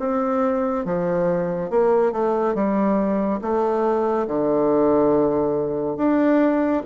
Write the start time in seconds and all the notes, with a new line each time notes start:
0.00 C4
0.85 F3
1.71 A#3
2.12 A3
2.55 G3
3.42 A3
4.28 D3
5.97 D4